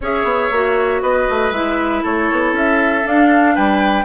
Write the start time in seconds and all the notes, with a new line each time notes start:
0.01 C#4 G#4 C#5 E5
0.24 B3
0.51 A#3 F#4
1.01 B3 B4 D#5
1.29 A3
1.51 G#3 E4 E5
2.02 A3 A4 C#5
2.31 B3
2.52 C#4 E5
3.03 D4 F5
3.55 G3 B4 G5